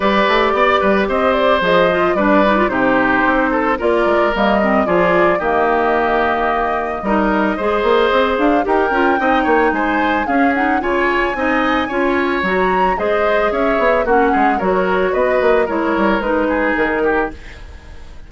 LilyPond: <<
  \new Staff \with { instrumentName = "flute" } { \time 4/4 \tempo 4 = 111 d''2 dis''8 d''8 dis''4 | d''4 c''2 d''4 | dis''4 d''4 dis''2~ | dis''2.~ dis''8 f''8 |
g''2 gis''4 f''8 fis''8 | gis''2. ais''4 | dis''4 e''4 fis''4 cis''4 | dis''4 cis''4 b'4 ais'4 | }
  \new Staff \with { instrumentName = "oboe" } { \time 4/4 b'4 d''8 b'8 c''2 | b'4 g'4. a'8 ais'4~ | ais'4 gis'4 g'2~ | g'4 ais'4 c''2 |
ais'4 dis''8 cis''8 c''4 gis'4 | cis''4 dis''4 cis''2 | c''4 cis''4 fis'8 gis'8 ais'4 | b'4 ais'4. gis'4 g'8 | }
  \new Staff \with { instrumentName = "clarinet" } { \time 4/4 g'2. gis'8 f'8 | d'8 dis'16 f'16 dis'2 f'4 | ais8 c'8 f'4 ais2~ | ais4 dis'4 gis'2 |
g'8 f'8 dis'2 cis'8 dis'8 | f'4 dis'4 f'4 fis'4 | gis'2 cis'4 fis'4~ | fis'4 e'4 dis'2 | }
  \new Staff \with { instrumentName = "bassoon" } { \time 4/4 g8 a8 b8 g8 c'4 f4 | g4 c4 c'4 ais8 gis8 | g4 f4 dis2~ | dis4 g4 gis8 ais8 c'8 d'8 |
dis'8 cis'8 c'8 ais8 gis4 cis'4 | cis4 c'4 cis'4 fis4 | gis4 cis'8 b8 ais8 gis8 fis4 | b8 ais8 gis8 g8 gis4 dis4 | }
>>